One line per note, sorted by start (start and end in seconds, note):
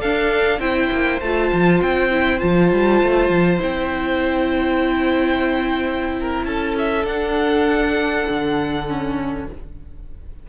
0.00 0.59 D4
0.00 0.61 D4
0.00 0.60 A4
0.00 0.60 F5
0.59 0.89 C4
0.59 1.21 E4
0.59 6.16 C5
0.59 1.20 G5
0.92 1.22 A#3
1.21 1.52 A3
1.21 2.12 F4
1.21 1.81 A5
1.53 1.81 F3
1.81 2.41 C4
1.81 2.40 G5
2.12 2.40 E4
2.40 2.73 F3
2.40 3.60 F4
2.40 3.60 A5
2.73 3.03 G3
3.03 3.29 A3
3.29 3.59 F3
3.60 6.45 C4
3.60 7.05 E4
3.60 6.45 G5
6.21 6.47 A#4
6.45 7.05 C#4
6.45 9.47 A4
6.45 6.75 A5
6.79 7.06 E5
7.05 8.25 D4
7.05 8.88 D4
7.05 9.46 F#5
8.30 9.50 D3
8.88 9.48 C#4